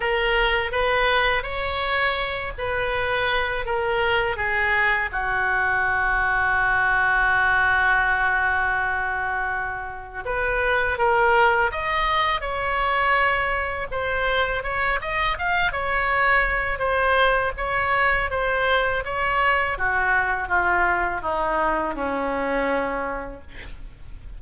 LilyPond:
\new Staff \with { instrumentName = "oboe" } { \time 4/4 \tempo 4 = 82 ais'4 b'4 cis''4. b'8~ | b'4 ais'4 gis'4 fis'4~ | fis'1~ | fis'2 b'4 ais'4 |
dis''4 cis''2 c''4 | cis''8 dis''8 f''8 cis''4. c''4 | cis''4 c''4 cis''4 fis'4 | f'4 dis'4 cis'2 | }